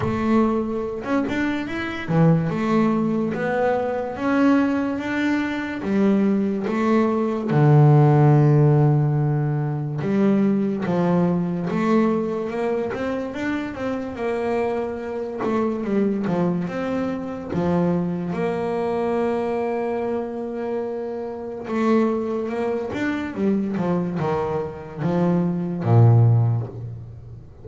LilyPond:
\new Staff \with { instrumentName = "double bass" } { \time 4/4 \tempo 4 = 72 a4~ a16 cis'16 d'8 e'8 e8 a4 | b4 cis'4 d'4 g4 | a4 d2. | g4 f4 a4 ais8 c'8 |
d'8 c'8 ais4. a8 g8 f8 | c'4 f4 ais2~ | ais2 a4 ais8 d'8 | g8 f8 dis4 f4 ais,4 | }